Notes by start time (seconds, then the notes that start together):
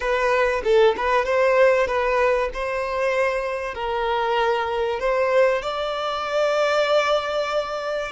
0.00 B4
0.64 A4
0.96 B4
1.25 C5
1.87 B4
2.53 C5
3.74 A#4
4.99 C5
5.61 D5